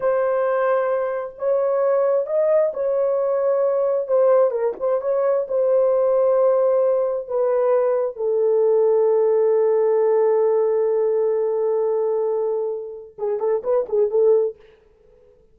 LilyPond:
\new Staff \with { instrumentName = "horn" } { \time 4/4 \tempo 4 = 132 c''2. cis''4~ | cis''4 dis''4 cis''2~ | cis''4 c''4 ais'8 c''8 cis''4 | c''1 |
b'2 a'2~ | a'1~ | a'1~ | a'4 gis'8 a'8 b'8 gis'8 a'4 | }